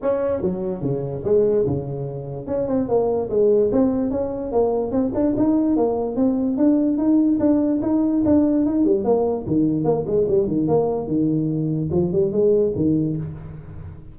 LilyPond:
\new Staff \with { instrumentName = "tuba" } { \time 4/4 \tempo 4 = 146 cis'4 fis4 cis4 gis4 | cis2 cis'8 c'8 ais4 | gis4 c'4 cis'4 ais4 | c'8 d'8 dis'4 ais4 c'4 |
d'4 dis'4 d'4 dis'4 | d'4 dis'8 g8 ais4 dis4 | ais8 gis8 g8 dis8 ais4 dis4~ | dis4 f8 g8 gis4 dis4 | }